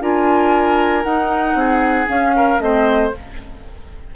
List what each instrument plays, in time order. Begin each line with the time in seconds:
0.00 bassoon D4, clarinet F4, oboe A#4, flute G#5
1.03 clarinet D#4, bassoon D#4, flute F#5
1.54 bassoon C4, oboe G#4
2.06 clarinet C#4, bassoon C#4, flute F5
2.36 oboe A#4
2.58 bassoon A3, clarinet C4, oboe C5, flute D#5